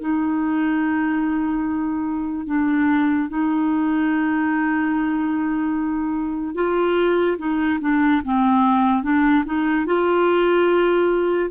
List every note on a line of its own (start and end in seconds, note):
0.00 2.46 D#4
2.46 3.28 D4
3.29 6.55 D#4
6.55 7.37 F4
7.37 7.79 D#4
7.80 8.22 D4
8.25 9.03 C4
9.03 9.44 D4
9.45 9.86 D#4
9.86 11.50 F4